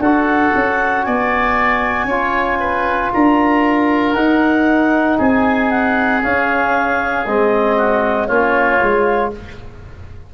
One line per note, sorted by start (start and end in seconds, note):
0.00 0.52 D4
0.00 2.10 F#4
0.00 1.06 A4
0.00 1.04 F#5
0.55 1.07 C#4
1.04 2.05 B3
1.04 2.07 D5
1.04 3.11 G#5
2.05 3.08 C#4
2.05 4.17 F4
2.05 2.59 C#5
2.60 3.12 B4
3.14 4.14 D4
3.14 5.18 A#4
3.14 4.15 A#5
4.14 5.17 D#4
4.14 6.22 D#4
4.14 5.18 F#5
5.18 6.23 C4
5.18 7.77 G#4
5.18 5.71 G#5
5.71 6.23 F#5
6.22 7.26 C#4
6.22 7.27 C#4
6.22 7.26 F5
7.26 8.30 G#3
7.26 8.29 C4
7.26 8.28 D#5
7.77 8.28 F#4
8.28 8.81 A#3
8.28 8.80 C#4
8.28 9.31 F4
8.28 9.31 C#5
8.81 9.34 G#3
8.81 9.33 F4